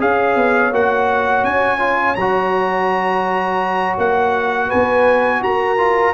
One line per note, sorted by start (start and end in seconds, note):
0.00 0.36 C#4
0.00 0.72 G#4
0.00 4.68 C#5
0.00 0.74 F5
0.36 0.72 B3
0.72 1.44 A#3
0.72 1.79 F#4
0.72 1.45 F#5
1.44 2.16 C#4
1.44 2.16 G#5
1.79 2.16 F4
2.16 3.97 F#3
2.16 5.78 F#4
2.16 3.96 A#5
3.98 4.71 A#3
3.98 4.70 F#5
4.68 5.40 B4
4.68 5.43 G#5
4.74 5.42 B3
5.42 6.14 F#4
5.42 6.15 A#4
5.42 6.15 A#5
5.78 6.15 F4